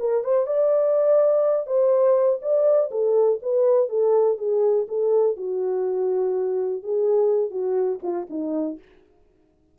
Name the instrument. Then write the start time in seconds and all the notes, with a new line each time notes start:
horn
0.00 A#4
0.24 C5
0.47 D5
1.67 C5
2.42 D5
2.91 A4
3.42 B4
3.89 A4
4.38 G#4
4.88 A4
5.37 F#4
6.83 G#4
7.51 F#4
8.03 F4
8.30 D#4